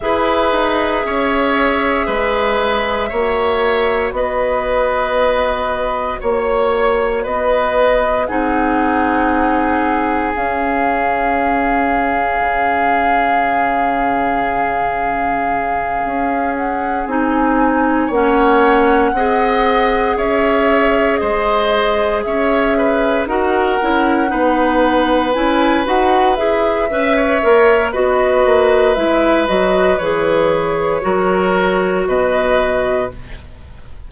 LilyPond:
<<
  \new Staff \with { instrumentName = "flute" } { \time 4/4 \tempo 4 = 58 e''1 | dis''2 cis''4 dis''4 | fis''2 f''2~ | f''1 |
fis''8 gis''4 fis''2 e''8~ | e''8 dis''4 e''4 fis''4.~ | fis''8 gis''8 fis''8 e''4. dis''4 | e''8 dis''8 cis''2 dis''4 | }
  \new Staff \with { instrumentName = "oboe" } { \time 4/4 b'4 cis''4 b'4 cis''4 | b'2 cis''4 b'4 | gis'1~ | gis'1~ |
gis'4. cis''4 dis''4 cis''8~ | cis''8 c''4 cis''8 b'8 ais'4 b'8~ | b'2 e''16 cis''8. b'4~ | b'2 ais'4 b'4 | }
  \new Staff \with { instrumentName = "clarinet" } { \time 4/4 gis'2. fis'4~ | fis'1 | dis'2 cis'2~ | cis'1~ |
cis'8 dis'4 cis'4 gis'4.~ | gis'2~ gis'8 fis'8 e'8 dis'8~ | dis'8 e'8 fis'8 gis'8 b'8 ais'8 fis'4 | e'8 fis'8 gis'4 fis'2 | }
  \new Staff \with { instrumentName = "bassoon" } { \time 4/4 e'8 dis'8 cis'4 gis4 ais4 | b2 ais4 b4 | c'2 cis'2 | cis2.~ cis8 cis'8~ |
cis'8 c'4 ais4 c'4 cis'8~ | cis'8 gis4 cis'4 dis'8 cis'8 b8~ | b8 cis'8 dis'8 e'8 cis'8 ais8 b8 ais8 | gis8 fis8 e4 fis4 b,4 | }
>>